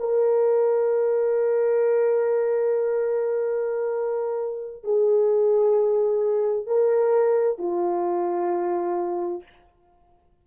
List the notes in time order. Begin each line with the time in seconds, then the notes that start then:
0.00 A#4
4.84 G#4
6.67 A#4
7.59 F4